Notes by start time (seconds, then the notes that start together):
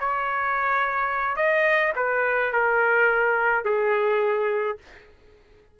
0.00 C#5
1.36 D#5
1.96 B4
2.52 A#4
3.65 G#4